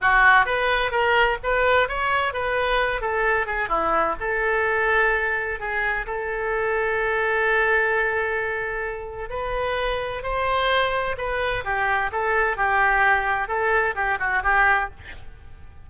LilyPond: \new Staff \with { instrumentName = "oboe" } { \time 4/4 \tempo 4 = 129 fis'4 b'4 ais'4 b'4 | cis''4 b'4. a'4 gis'8 | e'4 a'2. | gis'4 a'2.~ |
a'1 | b'2 c''2 | b'4 g'4 a'4 g'4~ | g'4 a'4 g'8 fis'8 g'4 | }